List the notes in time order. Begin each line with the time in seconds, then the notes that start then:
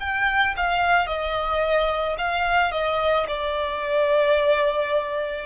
0.00 G5
0.57 F5
1.07 D#5
2.18 F5
2.72 D#5
3.28 D5